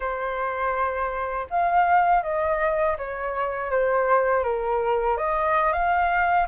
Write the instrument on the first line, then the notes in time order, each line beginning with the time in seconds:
flute
0.00 C5
1.50 F5
2.22 D#5
2.97 C#5
3.70 C5
4.43 A#4
5.17 D#5
5.72 F5